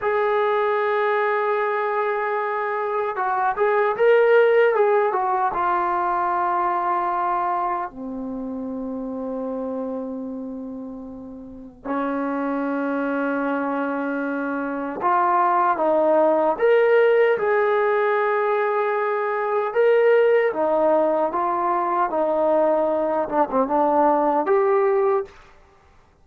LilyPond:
\new Staff \with { instrumentName = "trombone" } { \time 4/4 \tempo 4 = 76 gis'1 | fis'8 gis'8 ais'4 gis'8 fis'8 f'4~ | f'2 c'2~ | c'2. cis'4~ |
cis'2. f'4 | dis'4 ais'4 gis'2~ | gis'4 ais'4 dis'4 f'4 | dis'4. d'16 c'16 d'4 g'4 | }